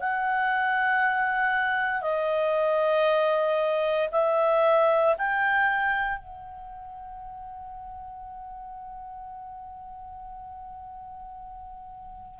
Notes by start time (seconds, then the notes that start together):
0.00 F#5
2.02 D#5
4.12 E5
5.18 G5
6.19 F#5